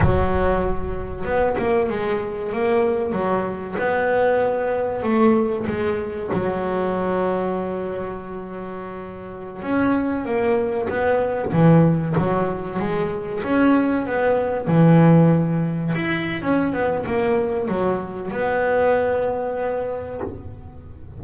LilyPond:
\new Staff \with { instrumentName = "double bass" } { \time 4/4 \tempo 4 = 95 fis2 b8 ais8 gis4 | ais4 fis4 b2 | a4 gis4 fis2~ | fis2.~ fis16 cis'8.~ |
cis'16 ais4 b4 e4 fis8.~ | fis16 gis4 cis'4 b4 e8.~ | e4~ e16 e'8. cis'8 b8 ais4 | fis4 b2. | }